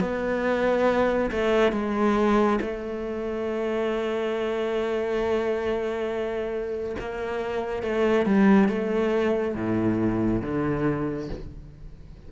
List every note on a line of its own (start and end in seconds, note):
0.00 1.30 B3
1.31 1.72 A3
1.72 2.59 G#3
2.60 6.95 A3
6.99 7.82 A#3
7.82 8.25 A3
8.25 8.68 G3
8.68 9.55 A3
9.55 10.42 A2
10.42 11.28 D3